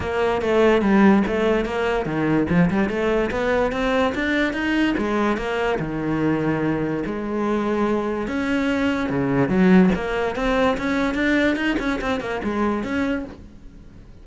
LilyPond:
\new Staff \with { instrumentName = "cello" } { \time 4/4 \tempo 4 = 145 ais4 a4 g4 a4 | ais4 dis4 f8 g8 a4 | b4 c'4 d'4 dis'4 | gis4 ais4 dis2~ |
dis4 gis2. | cis'2 cis4 fis4 | ais4 c'4 cis'4 d'4 | dis'8 cis'8 c'8 ais8 gis4 cis'4 | }